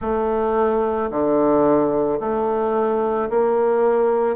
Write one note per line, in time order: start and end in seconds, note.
0.01 1.10 A3
1.10 2.19 D3
2.20 3.29 A3
3.29 4.36 A#3